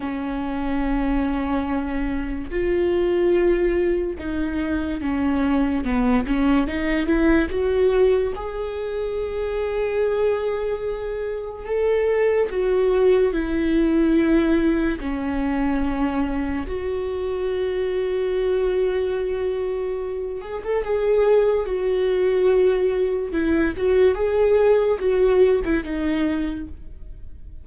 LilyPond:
\new Staff \with { instrumentName = "viola" } { \time 4/4 \tempo 4 = 72 cis'2. f'4~ | f'4 dis'4 cis'4 b8 cis'8 | dis'8 e'8 fis'4 gis'2~ | gis'2 a'4 fis'4 |
e'2 cis'2 | fis'1~ | fis'8 gis'16 a'16 gis'4 fis'2 | e'8 fis'8 gis'4 fis'8. e'16 dis'4 | }